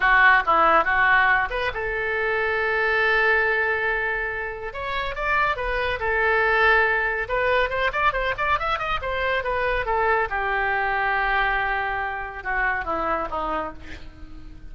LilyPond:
\new Staff \with { instrumentName = "oboe" } { \time 4/4 \tempo 4 = 140 fis'4 e'4 fis'4. b'8 | a'1~ | a'2. cis''4 | d''4 b'4 a'2~ |
a'4 b'4 c''8 d''8 c''8 d''8 | e''8 dis''8 c''4 b'4 a'4 | g'1~ | g'4 fis'4 e'4 dis'4 | }